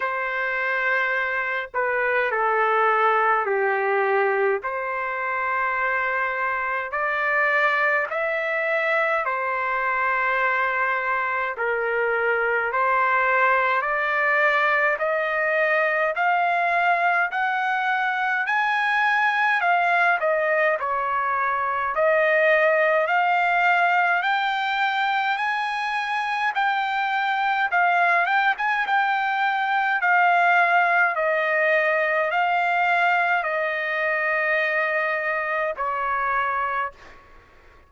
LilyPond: \new Staff \with { instrumentName = "trumpet" } { \time 4/4 \tempo 4 = 52 c''4. b'8 a'4 g'4 | c''2 d''4 e''4 | c''2 ais'4 c''4 | d''4 dis''4 f''4 fis''4 |
gis''4 f''8 dis''8 cis''4 dis''4 | f''4 g''4 gis''4 g''4 | f''8 g''16 gis''16 g''4 f''4 dis''4 | f''4 dis''2 cis''4 | }